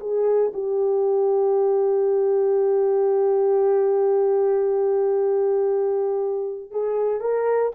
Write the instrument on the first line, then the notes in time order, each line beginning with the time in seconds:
horn
0.00 G#4
0.54 G4
6.71 G#4
7.20 A#4